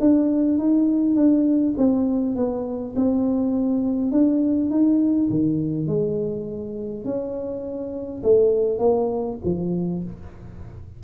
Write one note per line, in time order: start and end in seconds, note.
0.00 0.58 D4
0.58 1.15 D#4
1.15 1.74 D4
1.77 2.36 C4
2.36 2.94 B3
2.95 4.11 C4
4.11 4.70 D4
4.70 5.29 D#4
5.29 5.87 D#3
5.87 7.04 G#3
7.04 8.22 C#4
8.23 8.78 A3
8.78 9.37 A#3
9.44 10.03 F3